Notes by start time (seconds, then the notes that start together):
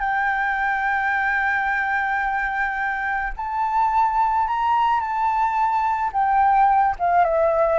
0.00 G5
3.37 A5
4.48 A#5
5.00 A5
6.13 G5
6.99 F5
7.24 E5